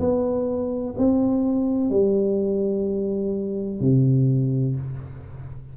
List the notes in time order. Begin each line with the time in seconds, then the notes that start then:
0.00 B3
0.98 C4
1.90 G3
3.81 C3